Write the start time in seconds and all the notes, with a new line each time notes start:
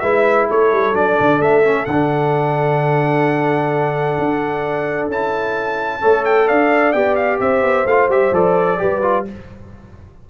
0.00 G#3 E4 B4 E5
0.49 A3 A4 C#5
0.72 G3
0.94 F#3 D4 D5
1.20 D3
1.40 A3 E5
1.64 C#4
1.85 D3 F#5
1.91 D4
4.19 D4
5.08 C#4 E4 A5
6.00 A3 A4 C#5
6.25 G5
6.47 D4 D5 F5
6.92 B3 G4 G5
7.16 F5
7.40 C4 C5 E5
7.62 B3
7.86 A3 F4 F5
8.09 G3 G4 E5
8.32 F3 A4 D5
8.78 G3 G4 B4
9.02 F4